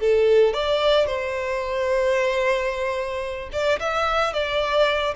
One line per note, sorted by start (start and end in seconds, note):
0.00 0.54 A4
0.54 1.06 D5
1.06 3.50 C5
3.53 3.80 D5
3.80 4.33 E5
4.33 5.14 D5